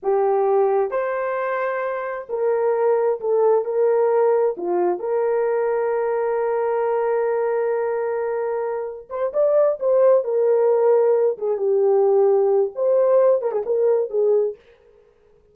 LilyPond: \new Staff \with { instrumentName = "horn" } { \time 4/4 \tempo 4 = 132 g'2 c''2~ | c''4 ais'2 a'4 | ais'2 f'4 ais'4~ | ais'1~ |
ais'1 | c''8 d''4 c''4 ais'4.~ | ais'4 gis'8 g'2~ g'8 | c''4. ais'16 gis'16 ais'4 gis'4 | }